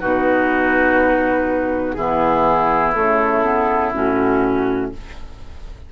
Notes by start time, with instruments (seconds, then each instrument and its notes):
0.00 bassoon B2, clarinet D#4, oboe F#4, flute B4
1.93 bassoon E3, clarinet B3, oboe E4, flute G#4
2.94 bassoon C#3, clarinet A3, flute A4
3.43 clarinet B3
3.93 bassoon A2, clarinet C#4, flute F#4